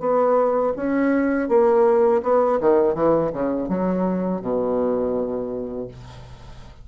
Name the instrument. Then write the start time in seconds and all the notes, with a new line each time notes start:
bassoon
0.00 B3
0.76 C#4
1.49 A#3
2.23 B3
2.60 D#3
2.95 E3
3.33 C#3
3.69 F#3
4.42 B2